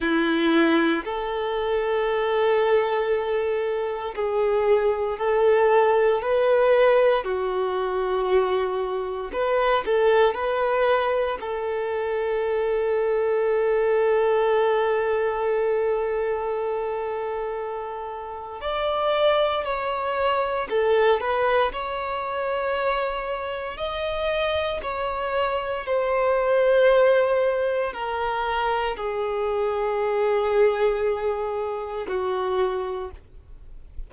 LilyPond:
\new Staff \with { instrumentName = "violin" } { \time 4/4 \tempo 4 = 58 e'4 a'2. | gis'4 a'4 b'4 fis'4~ | fis'4 b'8 a'8 b'4 a'4~ | a'1~ |
a'2 d''4 cis''4 | a'8 b'8 cis''2 dis''4 | cis''4 c''2 ais'4 | gis'2. fis'4 | }